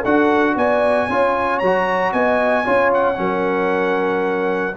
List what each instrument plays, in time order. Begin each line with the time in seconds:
0.00 tuba D4, trombone F#4, horn A4, trumpet F#5
0.55 tuba B3, horn D5, trumpet G#5
1.06 tuba C#4, trombone F4, horn C#5
1.59 tuba F#3, trombone F#4, trumpet A#5
2.12 tuba B3, horn D#5, trumpet G#5
2.64 tuba C#4, trombone F4, horn C#5
2.93 trumpet F#5
3.14 tuba F#3, trombone C#4, horn A#4